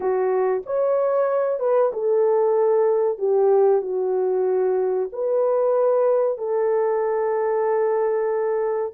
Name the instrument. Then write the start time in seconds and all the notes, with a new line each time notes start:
horn
0.00 F#4
0.66 C#5
1.59 B4
1.92 A4
3.18 G4
3.81 F#4
5.12 B4
6.38 A4